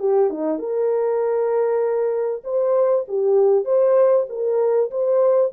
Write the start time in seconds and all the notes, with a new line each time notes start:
0.00 G4
0.30 D#4
0.59 A#4
2.44 C5
3.08 G4
3.65 C5
4.29 A#4
4.91 C5